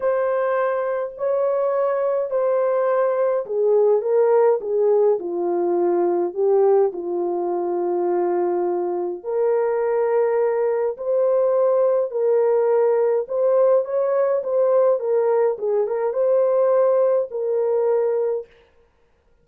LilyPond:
\new Staff \with { instrumentName = "horn" } { \time 4/4 \tempo 4 = 104 c''2 cis''2 | c''2 gis'4 ais'4 | gis'4 f'2 g'4 | f'1 |
ais'2. c''4~ | c''4 ais'2 c''4 | cis''4 c''4 ais'4 gis'8 ais'8 | c''2 ais'2 | }